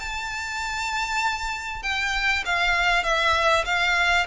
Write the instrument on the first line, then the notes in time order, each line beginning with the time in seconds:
violin
0.00 A5
1.83 G5
2.45 F5
3.03 E5
3.65 F5